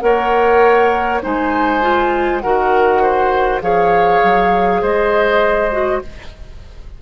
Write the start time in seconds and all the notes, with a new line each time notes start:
0.00 A#3 A#4 C#5 F#5
1.22 G#3 D#4 C5 G#5
1.81 F4
2.40 D#3 F#4 A#4 F#5
3.02 C5
3.62 F3 G#4 C#5 F5
4.22 F#3
4.82 G#3 C5 D#5
5.72 F#4